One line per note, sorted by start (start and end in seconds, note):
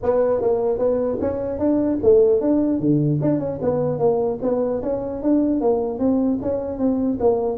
0.02 0.41 B3
0.41 0.78 A#3
0.78 1.18 B3
1.20 1.58 C#4
1.58 1.98 D4
2.02 2.41 A3
2.41 2.79 D4
2.79 3.19 D3
3.21 3.39 D4
3.39 3.59 C#4
3.61 3.98 B3
3.98 4.38 A#3
4.41 4.81 B3
4.82 5.22 C#4
5.22 5.61 D4
5.61 5.99 A#3
5.99 6.39 C4
6.41 6.78 C#4
6.78 7.18 C4
7.20 7.57 A#3